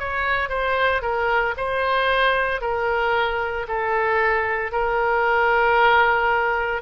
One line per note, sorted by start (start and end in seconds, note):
0.00 0.49 C#5
0.49 1.02 C5
1.02 1.55 A#4
1.57 2.62 C5
2.62 3.67 A#4
3.68 4.72 A4
4.72 6.82 A#4